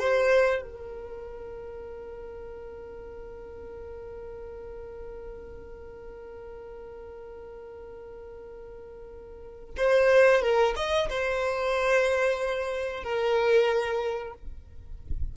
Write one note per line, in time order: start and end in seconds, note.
0.00 0.62 C5
0.62 9.75 A#4
9.77 10.42 C5
10.42 10.75 A#4
10.77 11.09 D#5
11.10 13.04 C5
13.04 14.34 A#4